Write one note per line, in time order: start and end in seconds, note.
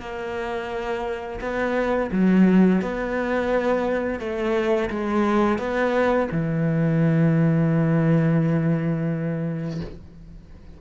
0.00 1.40 A#3
1.40 2.10 B3
2.11 2.81 F#3
2.81 4.19 B3
4.19 4.89 A3
4.90 5.58 G#3
5.58 6.28 B3
6.31 9.80 E3